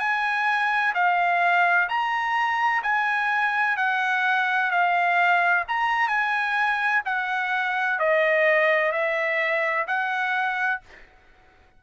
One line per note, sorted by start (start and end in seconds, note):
0.00 0.94 G#5
0.95 1.88 F5
1.89 2.83 A#5
2.83 3.77 G#5
3.77 4.71 F#5
4.71 5.65 F5
5.68 6.09 A#5
6.09 7.02 G#5
7.06 7.99 F#5
7.99 8.92 D#5
8.92 9.86 E5
9.87 10.81 F#5